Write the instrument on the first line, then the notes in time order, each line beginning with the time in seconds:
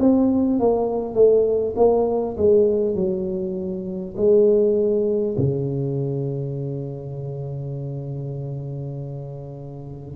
tuba
0.00 C4
0.60 A#3
1.15 A3
1.77 A#3
2.38 G#3
2.96 F#3
4.17 G#3
5.38 C#3